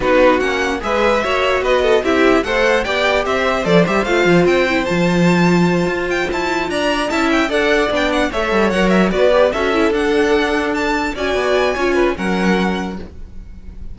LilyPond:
<<
  \new Staff \with { instrumentName = "violin" } { \time 4/4 \tempo 4 = 148 b'4 fis''4 e''2 | dis''4 e''4 fis''4 g''4 | e''4 d''8 e''8 f''4 g''4 | a''2. g''8 a''8~ |
a''8 ais''4 a''8 g''8 fis''4 g''8 | fis''8 e''4 fis''8 e''8 d''4 e''8~ | e''8 fis''2 a''4 gis''8~ | gis''2 fis''2 | }
  \new Staff \with { instrumentName = "violin" } { \time 4/4 fis'2 b'4 cis''4 | b'8 a'8 g'4 c''4 d''4 | c''1~ | c''1~ |
c''8 d''4 e''4 d''4.~ | d''8 cis''2 b'4 a'8~ | a'2.~ a'8 d''8~ | d''4 cis''8 b'8 ais'2 | }
  \new Staff \with { instrumentName = "viola" } { \time 4/4 dis'4 cis'4 gis'4 fis'4~ | fis'4 e'4 a'4 g'4~ | g'4 a'8 g'8 f'4. e'8 | f'1~ |
f'4. e'4 a'4 d'8~ | d'8 a'4 ais'4 fis'8 g'8 fis'8 | e'8 d'2. fis'8~ | fis'4 f'4 cis'2 | }
  \new Staff \with { instrumentName = "cello" } { \time 4/4 b4 ais4 gis4 ais4 | b4 c'4 a4 b4 | c'4 f8 g8 a8 f8 c'4 | f2~ f8 f'4 e'8~ |
e'8 d'4 cis'4 d'4 b8~ | b8 a8 g8 fis4 b4 cis'8~ | cis'8 d'2. cis'8 | b4 cis'4 fis2 | }
>>